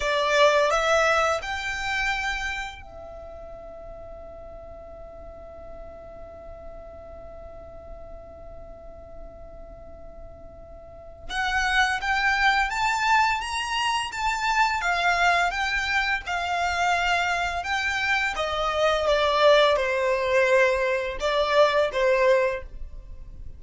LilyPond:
\new Staff \with { instrumentName = "violin" } { \time 4/4 \tempo 4 = 85 d''4 e''4 g''2 | e''1~ | e''1~ | e''1 |
fis''4 g''4 a''4 ais''4 | a''4 f''4 g''4 f''4~ | f''4 g''4 dis''4 d''4 | c''2 d''4 c''4 | }